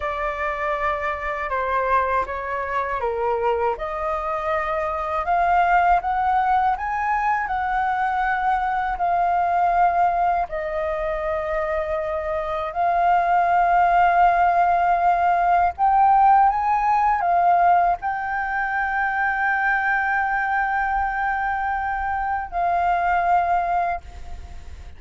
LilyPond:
\new Staff \with { instrumentName = "flute" } { \time 4/4 \tempo 4 = 80 d''2 c''4 cis''4 | ais'4 dis''2 f''4 | fis''4 gis''4 fis''2 | f''2 dis''2~ |
dis''4 f''2.~ | f''4 g''4 gis''4 f''4 | g''1~ | g''2 f''2 | }